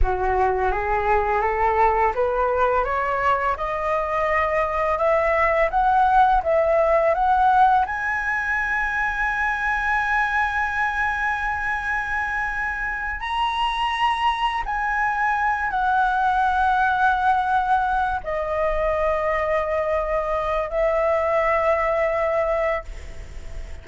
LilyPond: \new Staff \with { instrumentName = "flute" } { \time 4/4 \tempo 4 = 84 fis'4 gis'4 a'4 b'4 | cis''4 dis''2 e''4 | fis''4 e''4 fis''4 gis''4~ | gis''1~ |
gis''2~ gis''8 ais''4.~ | ais''8 gis''4. fis''2~ | fis''4. dis''2~ dis''8~ | dis''4 e''2. | }